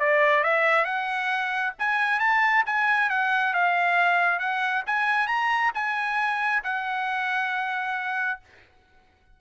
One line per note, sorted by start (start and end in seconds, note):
0.00 0.44 D5
0.44 0.85 E5
0.85 1.73 F#5
1.79 2.20 G#5
2.20 2.64 A5
2.66 3.10 G#5
3.10 3.54 F#5
3.54 4.39 F5
4.39 4.83 F#5
4.87 5.28 G#5
5.28 5.72 A#5
5.75 6.63 G#5
6.64 8.40 F#5